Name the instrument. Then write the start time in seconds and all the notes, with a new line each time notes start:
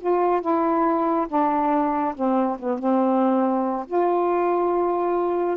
saxophone
0.00 F4
0.41 E4
1.28 D4
2.15 C4
2.59 B3
2.79 C4
3.87 F4